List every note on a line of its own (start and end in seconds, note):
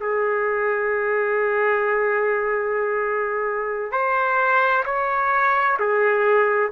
0.00 3.91 G#4
3.91 4.84 C5
4.85 5.77 C#5
5.79 6.71 G#4